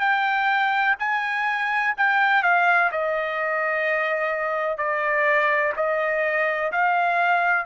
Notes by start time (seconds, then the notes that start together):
0.00 G5
0.99 G#5
1.97 G5
2.43 F5
2.92 D#5
4.77 D5
5.76 D#5
6.72 F5